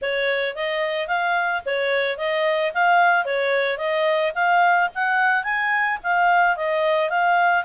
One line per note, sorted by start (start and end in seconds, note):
0.01 0.55 C#5
0.55 1.07 D#5
1.07 1.62 F5
1.65 2.17 C#5
2.17 2.72 D#5
2.74 3.25 F5
3.25 3.77 C#5
3.77 4.32 D#5
4.35 4.89 F5
4.95 5.43 F#5
5.43 5.98 G#5
6.03 6.56 F5
6.56 7.09 D#5
7.09 7.64 F5